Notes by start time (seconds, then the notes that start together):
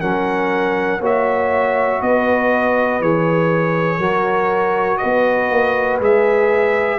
0.00 F#3 C#4 A#4 F#5
1.00 A#3 F#4 C#5 E5
2.00 B3 B4 D#5
3.00 E3 G#4 C#5
3.98 F#3 F#4 A#4
4.97 B4 D#5
5.03 B3
5.50 A#3
5.99 G#3 G#4 E5